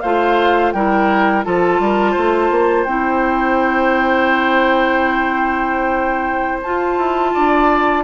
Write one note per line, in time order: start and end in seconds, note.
0.00 0.73 A3
0.00 0.75 F4
0.00 0.73 C5
0.00 0.71 F5
0.72 1.45 G3
0.72 1.44 E4
0.72 1.45 A#4
0.72 1.44 G5
1.44 1.79 F3
1.44 2.86 F4
1.44 1.81 A4
1.44 2.84 A5
1.79 2.15 G3
1.79 2.11 A#4
2.11 2.50 A3
2.11 7.29 C5
2.50 2.86 A#3
2.84 6.61 C4
2.84 6.63 E4
2.84 6.59 G5
6.62 8.03 F4
6.62 6.97 F4
6.62 8.03 A5
6.97 7.33 E4
7.34 8.03 D4
7.34 8.03 D5